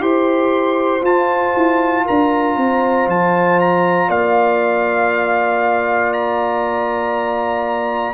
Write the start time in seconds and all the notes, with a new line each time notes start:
0.00 E4 G4 C5 C6
1.02 F4 A5
1.56 E4
2.05 D4 A#4 A#5
2.56 C4 C5
3.07 F3 A5
3.60 A#5
4.08 A#3 D5 F5
6.13 A#5